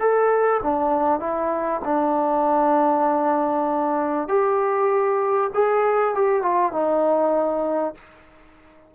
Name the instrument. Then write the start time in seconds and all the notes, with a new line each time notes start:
trombone
0.00 A4
0.63 D4
1.20 E4
1.85 D4
4.28 G4
5.54 G#4
6.15 G4
6.43 F4
6.73 D#4